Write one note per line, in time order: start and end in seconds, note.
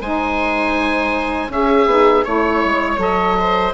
0.00 1.48 G#3
0.00 1.48 D#4
0.00 1.50 C5
0.00 1.51 G#5
1.48 1.85 C#4
1.48 2.24 G#4
1.48 2.25 E5
1.85 2.23 B3
1.85 2.25 D#4
2.24 2.64 A3
2.24 2.97 E4
2.24 3.37 C#5
2.24 3.00 C#5
2.64 2.97 G#3
2.97 3.72 F#3
2.97 3.72 A4
2.97 3.74 D#5
3.39 3.74 C5